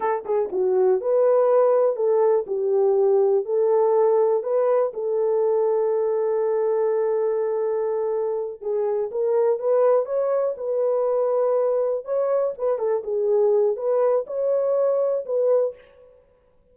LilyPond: \new Staff \with { instrumentName = "horn" } { \time 4/4 \tempo 4 = 122 a'8 gis'8 fis'4 b'2 | a'4 g'2 a'4~ | a'4 b'4 a'2~ | a'1~ |
a'4. gis'4 ais'4 b'8~ | b'8 cis''4 b'2~ b'8~ | b'8 cis''4 b'8 a'8 gis'4. | b'4 cis''2 b'4 | }